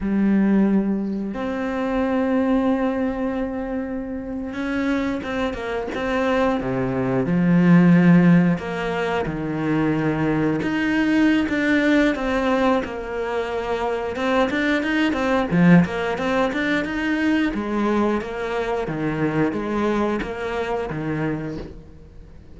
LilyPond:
\new Staff \with { instrumentName = "cello" } { \time 4/4 \tempo 4 = 89 g2 c'2~ | c'2~ c'8. cis'4 c'16~ | c'16 ais8 c'4 c4 f4~ f16~ | f8. ais4 dis2 dis'16~ |
dis'4 d'4 c'4 ais4~ | ais4 c'8 d'8 dis'8 c'8 f8 ais8 | c'8 d'8 dis'4 gis4 ais4 | dis4 gis4 ais4 dis4 | }